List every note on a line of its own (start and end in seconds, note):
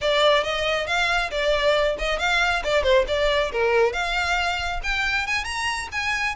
0.01 0.43 D5
0.43 0.86 D#5
0.86 1.30 F5
1.31 1.96 D5
1.98 2.18 D#5
2.18 2.62 F5
2.63 2.83 D5
2.83 3.05 C5
3.07 3.51 D5
3.52 3.93 A#4
3.93 4.80 F5
4.83 5.26 G5
5.26 5.44 G#5
5.44 5.88 A#5
5.92 6.35 G#5